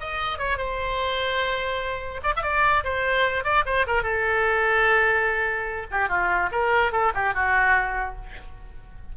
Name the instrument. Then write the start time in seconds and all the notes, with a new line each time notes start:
oboe
0.00 D#5
0.38 C#5
0.58 C5
2.23 D5
2.36 E5
2.42 D5
2.84 C5
3.44 D5
3.65 C5
3.87 A#4
4.03 A4
5.91 G4
6.09 F4
6.52 A#4
6.92 A4
7.14 G4
7.34 F#4